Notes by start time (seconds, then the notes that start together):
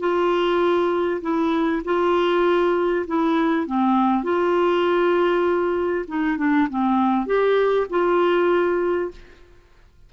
0.00 F4
1.21 E4
1.85 F4
3.07 E4
3.67 C4
4.24 F4
6.08 D#4
6.37 D4
6.70 C4
7.26 G4
7.90 F4